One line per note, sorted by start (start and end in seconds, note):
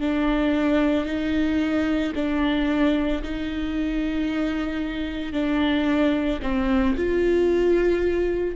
0.00 1.05 D4
1.05 2.12 D#4
2.15 3.22 D4
3.23 5.32 D#4
5.32 6.39 D4
6.42 6.95 C4
6.96 8.56 F4